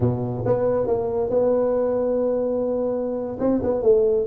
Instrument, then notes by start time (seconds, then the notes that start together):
tuba
0.00 B2
0.45 B3
0.87 A#3
1.30 B3
3.39 C4
3.63 B3
3.82 A3